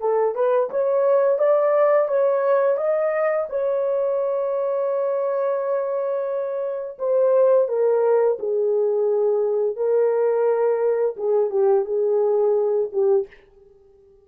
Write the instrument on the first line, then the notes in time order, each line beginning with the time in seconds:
horn
0.00 A4
0.35 B4
0.70 C#5
1.38 D5
2.08 C#5
2.77 D#5
3.49 C#5
6.98 C5
7.68 A#4
8.38 G#4
9.76 A#4
11.16 G#4
11.50 G4
11.84 G#4
12.92 G4